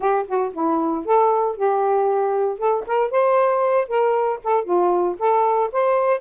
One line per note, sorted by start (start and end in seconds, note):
0.00 0.26 G4
0.27 0.52 F#4
0.53 1.05 E4
1.05 1.56 A4
1.56 2.58 G4
2.58 2.84 A4
2.86 3.10 A#4
3.10 3.88 C5
3.88 4.39 A#4
4.43 4.64 A4
4.64 5.16 F4
5.18 5.70 A4
5.72 6.20 C5